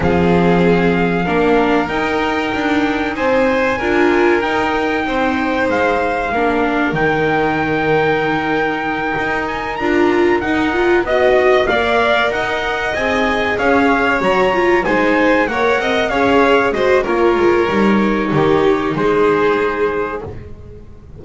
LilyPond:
<<
  \new Staff \with { instrumentName = "trumpet" } { \time 4/4 \tempo 4 = 95 f''2. g''4~ | g''4 gis''2 g''4~ | g''4 f''2 g''4~ | g''2. gis''8 ais''8~ |
ais''8 fis''4 dis''4 f''4 fis''8~ | fis''8 gis''4 f''4 ais''4 gis''8~ | gis''8 fis''4 f''4 dis''8 cis''4~ | cis''2 c''2 | }
  \new Staff \with { instrumentName = "violin" } { \time 4/4 gis'2 ais'2~ | ais'4 c''4 ais'2 | c''2 ais'2~ | ais'1~ |
ais'4. dis''4 d''4 dis''8~ | dis''4. cis''2 c''8~ | c''8 cis''8 dis''8 cis''4 c''8 ais'4~ | ais'4 g'4 gis'2 | }
  \new Staff \with { instrumentName = "viola" } { \time 4/4 c'2 d'4 dis'4~ | dis'2 f'4 dis'4~ | dis'2 d'4 dis'4~ | dis'2.~ dis'8 f'8~ |
f'8 dis'8 f'8 fis'4 ais'4.~ | ais'8 gis'2 fis'8 f'8 dis'8~ | dis'8 ais'4 gis'4 fis'8 f'4 | dis'1 | }
  \new Staff \with { instrumentName = "double bass" } { \time 4/4 f2 ais4 dis'4 | d'4 c'4 d'4 dis'4 | c'4 gis4 ais4 dis4~ | dis2~ dis8 dis'4 d'8~ |
d'8 dis'4 b4 ais4 dis'8~ | dis'8 c'4 cis'4 fis4 gis8~ | gis8 ais8 c'8 cis'4 gis8 ais8 gis8 | g4 dis4 gis2 | }
>>